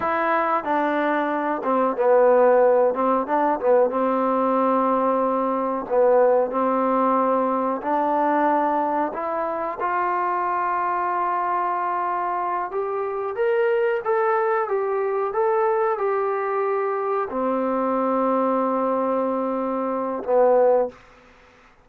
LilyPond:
\new Staff \with { instrumentName = "trombone" } { \time 4/4 \tempo 4 = 92 e'4 d'4. c'8 b4~ | b8 c'8 d'8 b8 c'2~ | c'4 b4 c'2 | d'2 e'4 f'4~ |
f'2.~ f'8 g'8~ | g'8 ais'4 a'4 g'4 a'8~ | a'8 g'2 c'4.~ | c'2. b4 | }